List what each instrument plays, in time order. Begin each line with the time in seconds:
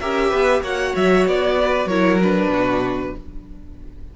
0.00 cello C#4, viola G4, violin A#4 E5
0.30 cello B3, violin B4
0.62 cello A#3, viola F#4, violin C#5 F#5
0.96 cello F#3, violin E5
1.26 cello B3, violin D5
1.60 violin B4
1.85 cello F#3, viola E4, violin A#4 C#5
2.23 viola D4, violin B4
2.48 cello B2, violin F#4